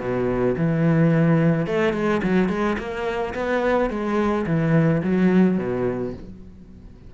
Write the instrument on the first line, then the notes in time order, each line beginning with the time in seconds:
cello
0.00 B2
0.57 E3
1.67 A3
1.93 G#3
2.23 F#3
2.49 G#3
2.79 A#3
3.35 B3
3.90 G#3
4.47 E3
5.03 F#3
5.58 B2